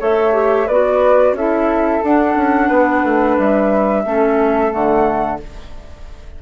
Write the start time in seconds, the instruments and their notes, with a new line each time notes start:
0.00 bassoon A3, clarinet A4, flute C#5 E5
0.33 clarinet G4
0.67 bassoon B3, clarinet F#4, flute B4 D5
1.33 bassoon C#4, clarinet E4, flute A4 E5
2.03 clarinet D4, bassoon D4, flute F#5
2.36 bassoon C#4
2.68 bassoon B3, flute B4
3.04 bassoon A3
3.38 bassoon G3, flute E5
4.05 bassoon A3, clarinet C#4, flute A4
4.71 bassoon D3, clarinet A3, flute F#5